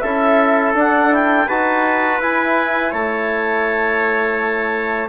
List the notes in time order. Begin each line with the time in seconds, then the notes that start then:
0.00 C#4 E4 A4 E5
0.75 D4 F#5
1.11 E4 G5
1.47 D#4 F#4 B4 A5
2.20 E4 G#5
2.91 A3 C#5 A5